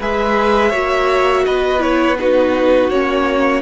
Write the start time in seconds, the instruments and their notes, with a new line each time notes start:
0.00 cello G#3, viola G#4, violin B4 E5
0.69 cello A#3, viola F#4, violin C#5
1.45 cello B3, violin B4 D#5
1.78 viola E4, violin C#5
2.18 viola D#4, violin F#4 B4
2.90 cello A#3, viola C#4, violin C#5